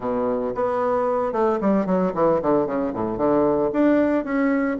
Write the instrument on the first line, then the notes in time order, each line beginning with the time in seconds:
bassoon
0.00 B2
0.54 B3
1.32 A3
1.60 G3
1.86 F#3
2.14 E3
2.42 D3
2.66 C#3
2.93 A2
3.17 D3
3.72 D4
4.24 C#4